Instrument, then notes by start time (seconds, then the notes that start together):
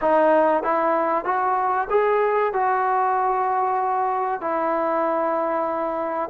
trombone
0.01 D#4
0.63 E4
1.24 F#4
1.90 G#4
2.53 F#4
4.40 E4